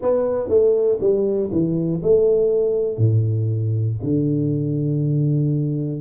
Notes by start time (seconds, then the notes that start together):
0.01 B3
0.48 A3
1.00 G3
1.51 E3
2.02 A3
2.97 A2
4.03 D3